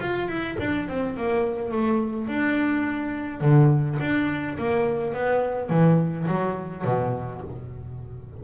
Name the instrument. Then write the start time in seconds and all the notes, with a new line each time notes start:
double bass
0.00 F4
0.28 E4
0.59 D4
0.88 C4
1.17 A#3
1.71 A3
2.28 D4
3.41 D3
4.00 D4
4.58 A#3
5.14 B3
5.69 E3
6.28 F#3
6.84 B2